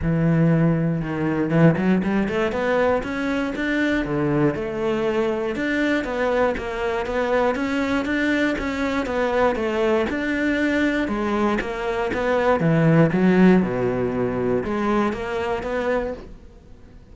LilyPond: \new Staff \with { instrumentName = "cello" } { \time 4/4 \tempo 4 = 119 e2 dis4 e8 fis8 | g8 a8 b4 cis'4 d'4 | d4 a2 d'4 | b4 ais4 b4 cis'4 |
d'4 cis'4 b4 a4 | d'2 gis4 ais4 | b4 e4 fis4 b,4~ | b,4 gis4 ais4 b4 | }